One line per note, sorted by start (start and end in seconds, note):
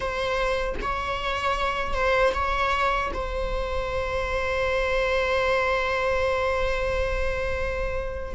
0.00 0.74 C5
0.81 1.94 C#5
1.94 2.33 C5
2.33 3.11 C#5
3.13 8.34 C5